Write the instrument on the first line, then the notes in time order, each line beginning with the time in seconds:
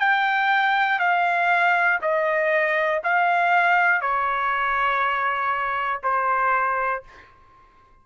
trumpet
0.00 G5
1.00 F5
2.02 D#5
3.04 F5
4.01 C#5
6.03 C5